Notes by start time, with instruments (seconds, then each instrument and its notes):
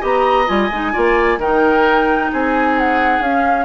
0.00 bassoon B3, clarinet G4, oboe D#5, flute A#5
0.46 bassoon G3, clarinet F4, flute G#5
0.70 bassoon G#3, clarinet D#4
0.92 bassoon A#3, clarinet F4, oboe D5
1.37 bassoon D#3, clarinet D#4, oboe A#4, flute G5
2.32 bassoon C4, oboe G#4, flute G#5
2.78 flute F#5
3.20 bassoon C#4, clarinet C#4, flute F5